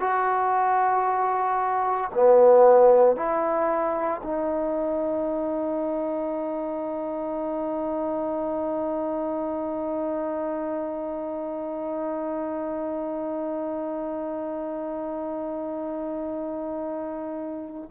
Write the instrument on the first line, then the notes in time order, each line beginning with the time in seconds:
trombone
0.00 F#4
2.14 B3
3.16 E4
4.23 D#4